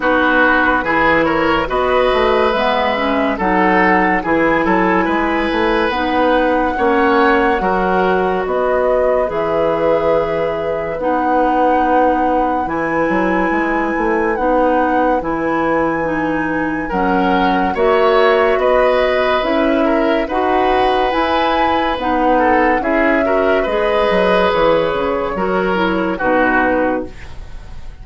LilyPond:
<<
  \new Staff \with { instrumentName = "flute" } { \time 4/4 \tempo 4 = 71 b'4. cis''8 dis''4 e''4 | fis''4 gis''2 fis''4~ | fis''2 dis''4 e''4~ | e''4 fis''2 gis''4~ |
gis''4 fis''4 gis''2 | fis''4 e''4 dis''4 e''4 | fis''4 gis''4 fis''4 e''4 | dis''4 cis''2 b'4 | }
  \new Staff \with { instrumentName = "oboe" } { \time 4/4 fis'4 gis'8 ais'8 b'2 | a'4 gis'8 a'8 b'2 | cis''4 ais'4 b'2~ | b'1~ |
b'1 | ais'4 cis''4 b'4. ais'8 | b'2~ b'8 a'8 gis'8 ais'8 | b'2 ais'4 fis'4 | }
  \new Staff \with { instrumentName = "clarinet" } { \time 4/4 dis'4 e'4 fis'4 b8 cis'8 | dis'4 e'2 dis'4 | cis'4 fis'2 gis'4~ | gis'4 dis'2 e'4~ |
e'4 dis'4 e'4 dis'4 | cis'4 fis'2 e'4 | fis'4 e'4 dis'4 e'8 fis'8 | gis'2 fis'8 e'8 dis'4 | }
  \new Staff \with { instrumentName = "bassoon" } { \time 4/4 b4 e4 b8 a8 gis4 | fis4 e8 fis8 gis8 a8 b4 | ais4 fis4 b4 e4~ | e4 b2 e8 fis8 |
gis8 a8 b4 e2 | fis4 ais4 b4 cis'4 | dis'4 e'4 b4 cis'4 | gis8 fis8 e8 cis8 fis4 b,4 | }
>>